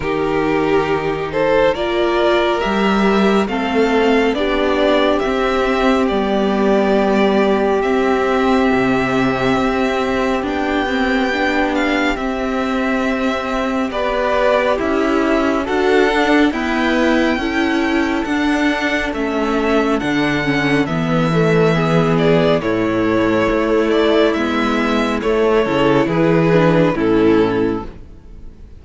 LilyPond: <<
  \new Staff \with { instrumentName = "violin" } { \time 4/4 \tempo 4 = 69 ais'4. c''8 d''4 e''4 | f''4 d''4 e''4 d''4~ | d''4 e''2. | g''4. f''8 e''2 |
d''4 e''4 fis''4 g''4~ | g''4 fis''4 e''4 fis''4 | e''4. d''8 cis''4. d''8 | e''4 cis''4 b'4 a'4 | }
  \new Staff \with { instrumentName = "violin" } { \time 4/4 g'4. a'8 ais'2 | a'4 g'2.~ | g'1~ | g'1 |
b'4 e'4 a'4 b'4 | a'1~ | a'4 gis'4 e'2~ | e'4. a'8 gis'4 e'4 | }
  \new Staff \with { instrumentName = "viola" } { \time 4/4 dis'2 f'4 g'4 | c'4 d'4 c'4 b4~ | b4 c'2. | d'8 c'8 d'4 c'2 |
g'2 fis'8 d'8 b4 | e'4 d'4 cis'4 d'8 cis'8 | b8 a8 b4 a2 | b4 a8 e'4 d'8 cis'4 | }
  \new Staff \with { instrumentName = "cello" } { \time 4/4 dis2 ais4 g4 | a4 b4 c'4 g4~ | g4 c'4 c4 c'4 | b2 c'2 |
b4 cis'4 d'4 e'4 | cis'4 d'4 a4 d4 | e2 a,4 a4 | gis4 a8 cis8 e4 a,4 | }
>>